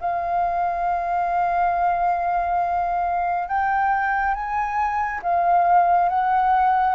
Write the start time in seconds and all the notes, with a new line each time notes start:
0.00 F5
3.48 G5
4.34 G#5
5.22 F5
6.09 F#5